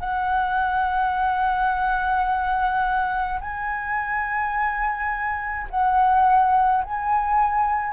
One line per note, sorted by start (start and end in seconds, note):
0.00 3.40 F#5
3.41 5.68 G#5
5.71 6.84 F#5
6.84 7.93 G#5